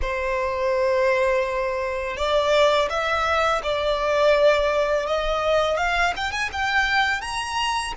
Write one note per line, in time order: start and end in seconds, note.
0.01 2.16 C5
2.16 2.88 D5
2.89 3.61 E5
3.63 5.06 D5
5.06 5.77 D#5
5.77 6.13 F5
6.16 6.31 G5
6.31 6.49 G#5
6.52 7.21 G5
7.21 7.93 A#5